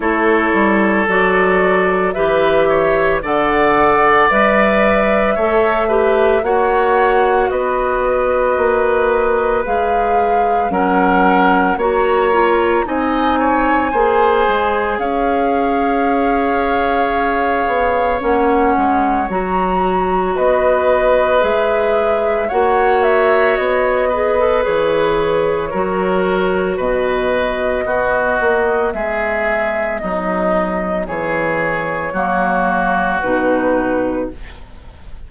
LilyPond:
<<
  \new Staff \with { instrumentName = "flute" } { \time 4/4 \tempo 4 = 56 cis''4 d''4 e''4 fis''4 | e''2 fis''4 dis''4~ | dis''4 f''4 fis''4 ais''4 | gis''2 f''2~ |
f''4 fis''4 ais''4 dis''4 | e''4 fis''8 e''8 dis''4 cis''4~ | cis''4 dis''2 e''4 | dis''4 cis''2 b'4 | }
  \new Staff \with { instrumentName = "oboe" } { \time 4/4 a'2 b'8 cis''8 d''4~ | d''4 cis''8 b'8 cis''4 b'4~ | b'2 ais'4 cis''4 | dis''8 cis''8 c''4 cis''2~ |
cis''2. b'4~ | b'4 cis''4. b'4. | ais'4 b'4 fis'4 gis'4 | dis'4 gis'4 fis'2 | }
  \new Staff \with { instrumentName = "clarinet" } { \time 4/4 e'4 fis'4 g'4 a'4 | b'4 a'8 g'8 fis'2~ | fis'4 gis'4 cis'4 fis'8 f'8 | dis'4 gis'2.~ |
gis'4 cis'4 fis'2 | gis'4 fis'4. gis'16 a'16 gis'4 | fis'2 b2~ | b2 ais4 dis'4 | }
  \new Staff \with { instrumentName = "bassoon" } { \time 4/4 a8 g8 fis4 e4 d4 | g4 a4 ais4 b4 | ais4 gis4 fis4 ais4 | c'4 ais8 gis8 cis'2~ |
cis'8 b8 ais8 gis8 fis4 b4 | gis4 ais4 b4 e4 | fis4 b,4 b8 ais8 gis4 | fis4 e4 fis4 b,4 | }
>>